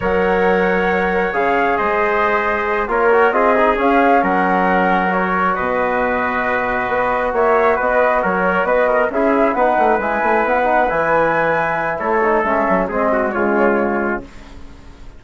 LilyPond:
<<
  \new Staff \with { instrumentName = "flute" } { \time 4/4 \tempo 4 = 135 fis''2. f''4 | dis''2~ dis''8 cis''4 dis''8~ | dis''8 f''4 fis''2 cis''8~ | cis''8 dis''2.~ dis''8~ |
dis''8 e''4 dis''4 cis''4 dis''8~ | dis''8 e''4 fis''4 gis''4 fis''8~ | fis''8 gis''2~ gis''8 cis''4 | e''4 dis''4 cis''2 | }
  \new Staff \with { instrumentName = "trumpet" } { \time 4/4 cis''1 | c''2~ c''8 ais'4 gis'8~ | gis'4. ais'2~ ais'8~ | ais'8 b'2.~ b'8~ |
b'8 cis''4 b'4 ais'4 b'8 | ais'8 gis'4 b'2~ b'8~ | b'2. a'4~ | a'4 gis'8 fis'8 f'2 | }
  \new Staff \with { instrumentName = "trombone" } { \time 4/4 ais'2. gis'4~ | gis'2~ gis'8 f'8 fis'8 f'8 | dis'8 cis'2. fis'8~ | fis'1~ |
fis'1~ | fis'8 e'4 dis'4 e'4. | dis'8 e'2. dis'8 | cis'4 c'4 gis2 | }
  \new Staff \with { instrumentName = "bassoon" } { \time 4/4 fis2. cis4 | gis2~ gis8 ais4 c'8~ | c'8 cis'4 fis2~ fis8~ | fis8 b,2. b8~ |
b8 ais4 b4 fis4 b8~ | b8 cis'4 b8 a8 gis8 a8 b8~ | b8 e2~ e8 a4 | gis8 fis8 gis4 cis2 | }
>>